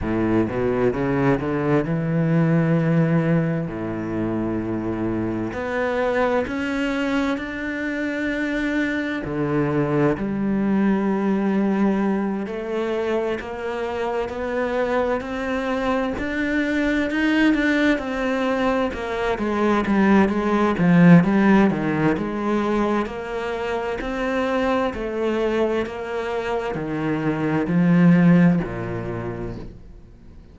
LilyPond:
\new Staff \with { instrumentName = "cello" } { \time 4/4 \tempo 4 = 65 a,8 b,8 cis8 d8 e2 | a,2 b4 cis'4 | d'2 d4 g4~ | g4. a4 ais4 b8~ |
b8 c'4 d'4 dis'8 d'8 c'8~ | c'8 ais8 gis8 g8 gis8 f8 g8 dis8 | gis4 ais4 c'4 a4 | ais4 dis4 f4 ais,4 | }